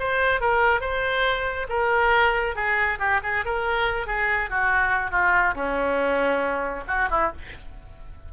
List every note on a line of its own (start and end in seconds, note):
0.00 0.41 C5
0.41 0.81 A#4
0.81 1.68 C5
1.69 2.56 A#4
2.56 2.99 G#4
2.99 3.21 G4
3.23 3.45 G#4
3.45 4.07 A#4
4.07 4.50 G#4
4.50 5.12 F#4
5.12 5.55 F4
5.55 6.84 C#4
6.88 7.09 F#4
7.11 7.32 E4